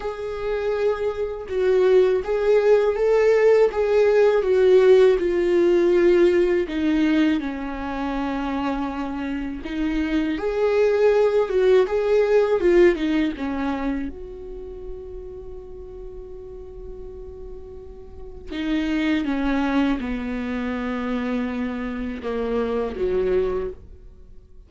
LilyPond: \new Staff \with { instrumentName = "viola" } { \time 4/4 \tempo 4 = 81 gis'2 fis'4 gis'4 | a'4 gis'4 fis'4 f'4~ | f'4 dis'4 cis'2~ | cis'4 dis'4 gis'4. fis'8 |
gis'4 f'8 dis'8 cis'4 fis'4~ | fis'1~ | fis'4 dis'4 cis'4 b4~ | b2 ais4 fis4 | }